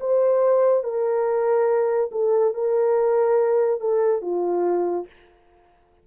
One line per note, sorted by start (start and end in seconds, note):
0.00 0.84 C5
0.84 2.10 A#4
2.12 2.54 A4
2.54 3.80 A#4
3.80 4.22 A4
4.22 5.06 F4